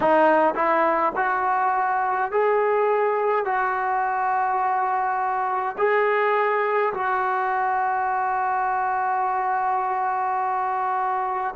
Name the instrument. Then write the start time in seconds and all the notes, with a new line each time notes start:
trombone
0.00 D#4
0.55 E4
1.15 F#4
2.31 G#4
3.45 F#4
5.77 G#4
6.93 F#4